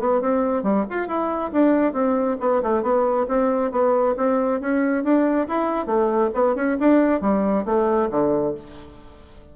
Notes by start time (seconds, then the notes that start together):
0.00 B3
0.21 C4
0.63 G3
0.90 F4
1.08 E4
1.52 D4
1.93 C4
2.41 B3
2.63 A3
2.83 B3
3.29 C4
3.72 B3
4.17 C4
4.61 C#4
5.04 D4
5.48 E4
5.87 A3
6.35 B3
6.56 C#4
6.80 D4
7.21 G3
7.66 A3
8.11 D3